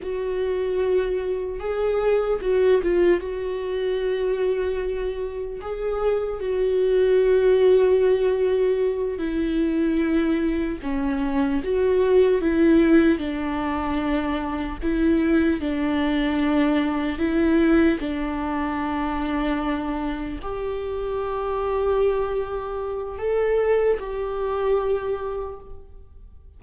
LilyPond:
\new Staff \with { instrumentName = "viola" } { \time 4/4 \tempo 4 = 75 fis'2 gis'4 fis'8 f'8 | fis'2. gis'4 | fis'2.~ fis'8 e'8~ | e'4. cis'4 fis'4 e'8~ |
e'8 d'2 e'4 d'8~ | d'4. e'4 d'4.~ | d'4. g'2~ g'8~ | g'4 a'4 g'2 | }